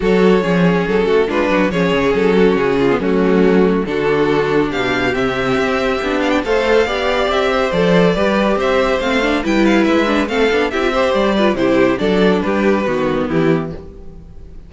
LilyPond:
<<
  \new Staff \with { instrumentName = "violin" } { \time 4/4 \tempo 4 = 140 cis''2 a'4 b'4 | cis''4 a'4 gis'4 fis'4~ | fis'4 a'2 f''4 | e''2~ e''8 f''16 g''16 f''4~ |
f''4 e''4 d''2 | e''4 f''4 g''8 f''8 e''4 | f''4 e''4 d''4 c''4 | d''4 b'2 g'4 | }
  \new Staff \with { instrumentName = "violin" } { \time 4/4 a'4 gis'4. fis'8 f'8 fis'8 | gis'4. fis'4 f'8 cis'4~ | cis'4 fis'2 g'4~ | g'2. c''4 |
d''4. c''4. b'4 | c''2 b'2 | a'4 g'8 c''4 b'8 g'4 | a'4 g'4 fis'4 e'4 | }
  \new Staff \with { instrumentName = "viola" } { \time 4/4 fis'4 cis'2 d'4 | cis'2~ cis'8. b16 a4~ | a4 d'2. | c'2 d'4 a'4 |
g'2 a'4 g'4~ | g'4 c'8 d'8 e'4. d'8 | c'8 d'8 e'16 f'16 g'4 f'8 e'4 | d'2 b2 | }
  \new Staff \with { instrumentName = "cello" } { \time 4/4 fis4 f4 fis8 a8 gis8 fis8 | f8 cis8 fis4 cis4 fis4~ | fis4 d2 b,4 | c4 c'4 b4 a4 |
b4 c'4 f4 g4 | c'4 a4 g4 gis4 | a8 b8 c'4 g4 c4 | fis4 g4 dis4 e4 | }
>>